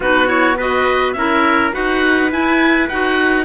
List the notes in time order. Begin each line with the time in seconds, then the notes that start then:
0.00 B3 D#4 F#4 B4
0.26 E4 C#5
0.57 F#4 B4 D#5
1.12 C#4 E4 A#4 E5
1.72 D#4 F#4 B4 F#5
2.30 E4 G#5
2.88 D#4 F#4 F#5